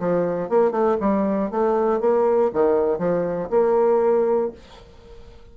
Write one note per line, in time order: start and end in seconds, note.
0.00 0.49 F3
0.49 0.72 A#3
0.72 0.97 A3
1.01 1.51 G3
1.51 2.01 A3
2.01 2.52 A#3
2.54 2.99 D#3
2.99 3.49 F3
3.50 4.52 A#3